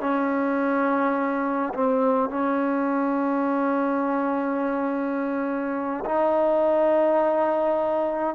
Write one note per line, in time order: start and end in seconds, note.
0.00 1.73 C#4
1.74 2.29 C4
2.29 6.04 C#4
6.05 8.35 D#4